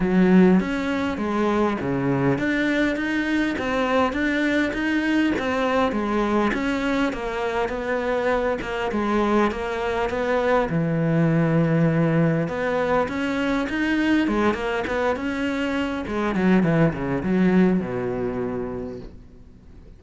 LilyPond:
\new Staff \with { instrumentName = "cello" } { \time 4/4 \tempo 4 = 101 fis4 cis'4 gis4 cis4 | d'4 dis'4 c'4 d'4 | dis'4 c'4 gis4 cis'4 | ais4 b4. ais8 gis4 |
ais4 b4 e2~ | e4 b4 cis'4 dis'4 | gis8 ais8 b8 cis'4. gis8 fis8 | e8 cis8 fis4 b,2 | }